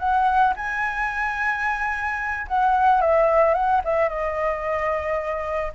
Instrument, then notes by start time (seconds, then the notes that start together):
flute
0.00 F#5
0.56 G#5
2.48 F#5
3.02 E5
3.55 F#5
3.85 E5
4.09 D#5